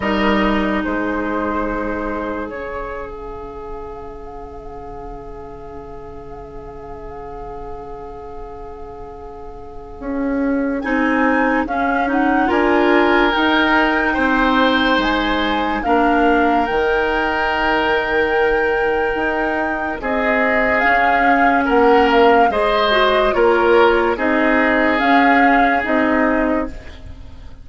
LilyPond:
<<
  \new Staff \with { instrumentName = "flute" } { \time 4/4 \tempo 4 = 72 dis''4 c''2 cis''8. f''16~ | f''1~ | f''1~ | f''4 gis''4 f''8 fis''8 gis''4 |
g''2 gis''4 f''4 | g''1 | dis''4 f''4 fis''8 f''8 dis''4 | cis''4 dis''4 f''4 dis''4 | }
  \new Staff \with { instrumentName = "oboe" } { \time 4/4 ais'4 gis'2.~ | gis'1~ | gis'1~ | gis'2. ais'4~ |
ais'4 c''2 ais'4~ | ais'1 | gis'2 ais'4 c''4 | ais'4 gis'2. | }
  \new Staff \with { instrumentName = "clarinet" } { \time 4/4 dis'2. cis'4~ | cis'1~ | cis'1~ | cis'4 dis'4 cis'8 dis'8 f'4 |
dis'2. d'4 | dis'1~ | dis'4 cis'2 gis'8 fis'8 | f'4 dis'4 cis'4 dis'4 | }
  \new Staff \with { instrumentName = "bassoon" } { \time 4/4 g4 gis2 cis4~ | cis1~ | cis1 | cis'4 c'4 cis'4 d'4 |
dis'4 c'4 gis4 ais4 | dis2. dis'4 | c'4 cis'4 ais4 gis4 | ais4 c'4 cis'4 c'4 | }
>>